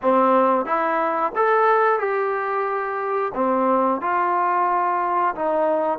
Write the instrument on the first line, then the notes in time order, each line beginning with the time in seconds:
trombone
0.02 C4
0.65 E4
1.35 A4
1.99 G4
3.34 C4
4.01 F4
5.35 D#4